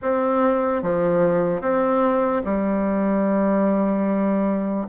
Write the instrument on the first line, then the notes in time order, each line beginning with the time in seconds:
bassoon
0.02 C4
0.82 F3
1.61 C4
2.44 G3